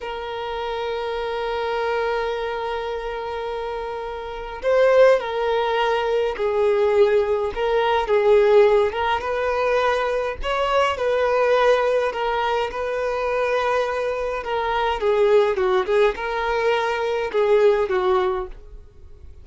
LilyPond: \new Staff \with { instrumentName = "violin" } { \time 4/4 \tempo 4 = 104 ais'1~ | ais'1 | c''4 ais'2 gis'4~ | gis'4 ais'4 gis'4. ais'8 |
b'2 cis''4 b'4~ | b'4 ais'4 b'2~ | b'4 ais'4 gis'4 fis'8 gis'8 | ais'2 gis'4 fis'4 | }